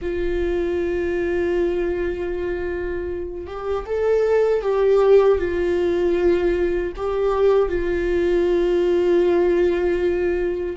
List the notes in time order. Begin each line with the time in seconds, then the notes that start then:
0.01 F4
3.47 G4
3.86 A4
4.62 G4
5.38 F4
6.96 G4
7.68 F4